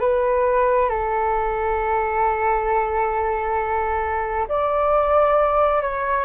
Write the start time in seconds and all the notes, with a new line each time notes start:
0.00 B4
0.90 A4
4.49 D5
5.82 C#5